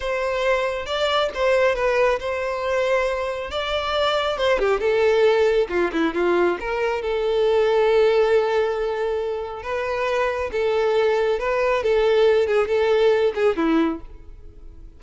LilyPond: \new Staff \with { instrumentName = "violin" } { \time 4/4 \tempo 4 = 137 c''2 d''4 c''4 | b'4 c''2. | d''2 c''8 g'8 a'4~ | a'4 f'8 e'8 f'4 ais'4 |
a'1~ | a'2 b'2 | a'2 b'4 a'4~ | a'8 gis'8 a'4. gis'8 e'4 | }